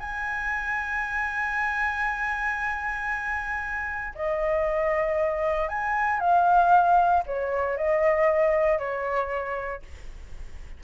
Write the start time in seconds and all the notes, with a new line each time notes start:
0.00 G#5
4.15 D#5
5.69 G#5
6.20 F5
7.26 C#5
7.77 D#5
8.79 C#5